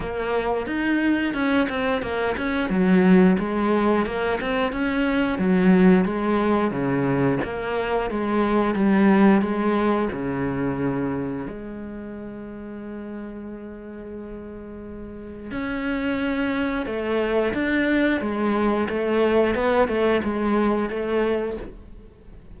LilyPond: \new Staff \with { instrumentName = "cello" } { \time 4/4 \tempo 4 = 89 ais4 dis'4 cis'8 c'8 ais8 cis'8 | fis4 gis4 ais8 c'8 cis'4 | fis4 gis4 cis4 ais4 | gis4 g4 gis4 cis4~ |
cis4 gis2.~ | gis2. cis'4~ | cis'4 a4 d'4 gis4 | a4 b8 a8 gis4 a4 | }